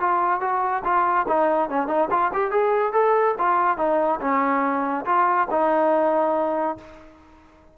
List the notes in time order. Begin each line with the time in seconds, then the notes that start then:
0.00 F4
0.41 F#4
0.84 F4
1.28 D#4
1.70 C#4
1.88 D#4
2.11 F4
2.34 G4
2.51 G#4
2.93 A4
3.39 F4
3.78 D#4
4.21 C#4
5.06 F4
5.51 D#4